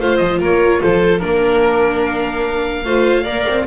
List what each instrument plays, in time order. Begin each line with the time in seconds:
0.00 double bass A3, viola F4, violin C5, oboe F5
0.17 double bass F3, oboe D#5
0.39 double bass A#3, violin A#4, oboe C#5
0.81 double bass F3, violin A4, oboe C5
1.20 double bass A#3, viola D4, oboe A#4, violin A#4
2.06 oboe F5
2.85 double bass A3, viola F4, violin C5
3.23 double bass A#3, viola A#4, violin D5
3.48 double bass C4